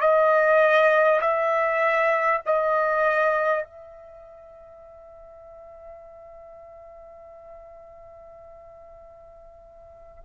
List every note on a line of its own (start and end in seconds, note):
0.00 1.20 D#5
1.21 2.41 E5
2.45 3.63 D#5
3.63 10.23 E5